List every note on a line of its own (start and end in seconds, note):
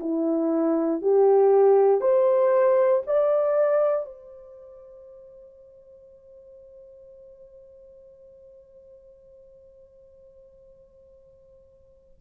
0.00 1.02 E4
1.02 2.01 G4
2.01 3.03 C5
3.07 4.06 D5
4.06 12.19 C5